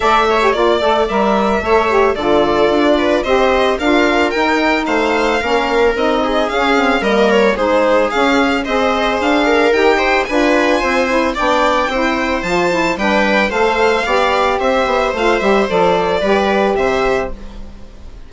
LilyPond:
<<
  \new Staff \with { instrumentName = "violin" } { \time 4/4 \tempo 4 = 111 e''4 d''4 e''2 | d''2 dis''4 f''4 | g''4 f''2 dis''4 | f''4 dis''8 cis''8 c''4 f''4 |
dis''4 f''4 g''4 gis''4~ | gis''4 g''2 a''4 | g''4 f''2 e''4 | f''8 e''8 d''2 e''4 | }
  \new Staff \with { instrumentName = "viola" } { \time 4/4 d''8 cis''8 d''2 cis''4 | a'4. b'8 c''4 ais'4~ | ais'4 c''4 ais'4. gis'8~ | gis'4 ais'4 gis'2 |
c''4. ais'4 c''8 b'4 | c''4 d''4 c''2 | b'4 c''4 d''4 c''4~ | c''2 b'4 c''4 | }
  \new Staff \with { instrumentName = "saxophone" } { \time 4/4 a'8. g'16 f'8 a'8 ais'4 a'8 g'8 | f'2 g'4 f'4 | dis'2 cis'4 dis'4 | cis'8 c'8 ais4 dis'4 cis'4 |
gis'2 g'4 f'4~ | f'8 e'8 d'4 e'4 f'8 e'8 | d'4 a'4 g'2 | f'8 g'8 a'4 g'2 | }
  \new Staff \with { instrumentName = "bassoon" } { \time 4/4 a4 ais8 a8 g4 a4 | d4 d'4 c'4 d'4 | dis'4 a4 ais4 c'4 | cis'4 g4 gis4 cis'4 |
c'4 d'4 dis'4 d'4 | c'4 b4 c'4 f4 | g4 a4 b4 c'8 b8 | a8 g8 f4 g4 c4 | }
>>